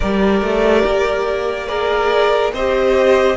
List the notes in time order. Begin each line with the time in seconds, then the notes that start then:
0.00 G3 G4 A#4 D5
0.41 A3
0.85 A#3
1.66 G#4 A#4 D5
2.52 C4 G4 C5 D#5